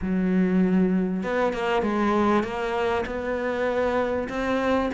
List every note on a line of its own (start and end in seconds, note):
0.01 1.23 F#3
1.23 1.53 B3
1.53 1.82 A#3
1.82 2.43 G#3
2.43 3.04 A#3
3.06 4.28 B3
4.29 4.90 C4